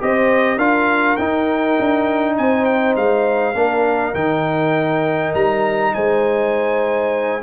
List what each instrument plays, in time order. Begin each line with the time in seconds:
0.00 tuba C4, trombone G4, horn C5, trumpet D#5
0.56 tuba D4, trombone F4, horn A#4, trumpet F5
1.16 tuba D#4, trombone D#4, trumpet G5
1.79 tuba D4
2.37 tuba C4, horn C5, trumpet G#5
2.64 trumpet G5
2.96 tuba G#3, trumpet F5
3.54 tuba A#3, trombone D4, horn A#4
4.14 tuba D#3, trombone D#4, trumpet G5
5.34 tuba G3, trumpet A#5
5.94 tuba G#3, horn C5, trumpet G#5